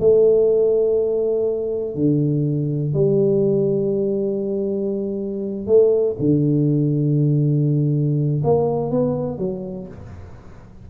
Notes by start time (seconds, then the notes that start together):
0.00 A3
1.95 D3
2.94 G3
5.66 A3
6.19 D3
8.44 A#3
8.91 B3
9.38 F#3